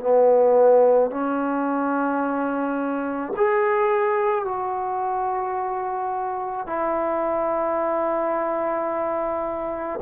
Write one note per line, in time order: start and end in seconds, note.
0.00 1.10 B3
1.10 3.32 C#4
3.36 4.44 G#4
4.44 6.66 F#4
6.66 9.99 E4